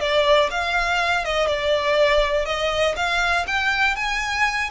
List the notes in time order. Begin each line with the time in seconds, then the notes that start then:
0.00 D5
0.50 F5
1.24 D#5
1.47 D5
2.45 D#5
2.96 F5
3.47 G5
3.96 G#5